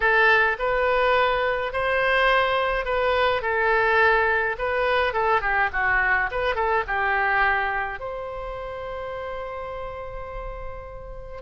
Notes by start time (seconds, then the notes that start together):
0.00 A4
0.58 B4
1.72 C5
2.85 B4
3.42 A4
4.58 B4
5.13 A4
5.41 G4
5.72 F#4
6.31 B4
6.55 A4
6.87 G4
7.99 C5